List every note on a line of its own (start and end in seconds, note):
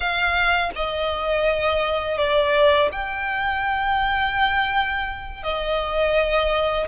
0.00 0.70 F5
0.75 2.17 D#5
2.17 2.89 D5
2.91 5.42 G5
5.42 6.87 D#5